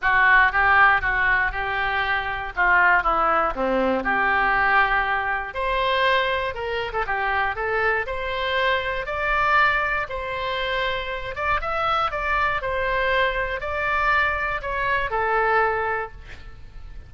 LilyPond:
\new Staff \with { instrumentName = "oboe" } { \time 4/4 \tempo 4 = 119 fis'4 g'4 fis'4 g'4~ | g'4 f'4 e'4 c'4 | g'2. c''4~ | c''4 ais'8. a'16 g'4 a'4 |
c''2 d''2 | c''2~ c''8 d''8 e''4 | d''4 c''2 d''4~ | d''4 cis''4 a'2 | }